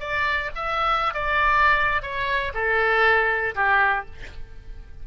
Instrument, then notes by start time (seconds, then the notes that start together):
oboe
0.00 D5
0.55 E5
1.14 D5
2.02 C#5
2.54 A4
3.55 G4